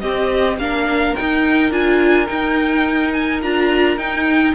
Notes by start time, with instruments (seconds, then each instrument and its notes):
0.00 cello C4, viola C4, violin G4 D#5
0.57 cello A#3, viola D4, violin A#4 F5
1.15 viola D#4, cello D#4, violin G5
1.70 cello D4, viola F4, violin G#5
2.27 viola D#4, cello D#4, violin G5
3.12 violin G#5
3.42 cello D4, viola F4, violin A#5
3.97 cello D#4, viola D#4, violin G5